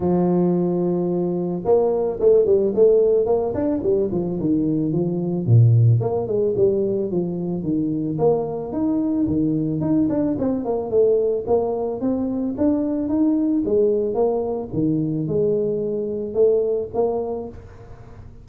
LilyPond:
\new Staff \with { instrumentName = "tuba" } { \time 4/4 \tempo 4 = 110 f2. ais4 | a8 g8 a4 ais8 d'8 g8 f8 | dis4 f4 ais,4 ais8 gis8 | g4 f4 dis4 ais4 |
dis'4 dis4 dis'8 d'8 c'8 ais8 | a4 ais4 c'4 d'4 | dis'4 gis4 ais4 dis4 | gis2 a4 ais4 | }